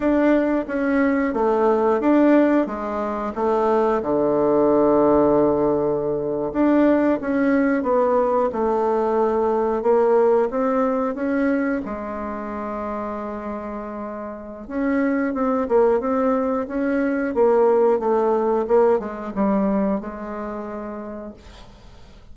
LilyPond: \new Staff \with { instrumentName = "bassoon" } { \time 4/4 \tempo 4 = 90 d'4 cis'4 a4 d'4 | gis4 a4 d2~ | d4.~ d16 d'4 cis'4 b16~ | b8. a2 ais4 c'16~ |
c'8. cis'4 gis2~ gis16~ | gis2 cis'4 c'8 ais8 | c'4 cis'4 ais4 a4 | ais8 gis8 g4 gis2 | }